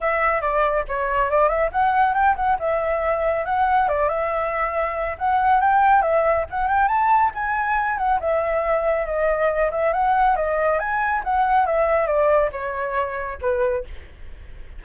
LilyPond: \new Staff \with { instrumentName = "flute" } { \time 4/4 \tempo 4 = 139 e''4 d''4 cis''4 d''8 e''8 | fis''4 g''8 fis''8 e''2 | fis''4 d''8 e''2~ e''8 | fis''4 g''4 e''4 fis''8 g''8 |
a''4 gis''4. fis''8 e''4~ | e''4 dis''4. e''8 fis''4 | dis''4 gis''4 fis''4 e''4 | d''4 cis''2 b'4 | }